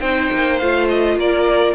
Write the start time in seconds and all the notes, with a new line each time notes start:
0.00 C4 D#4 C5 G5
0.33 A#3
0.59 A3 F4 F5
0.89 D#5
1.17 A#3 A#4 D5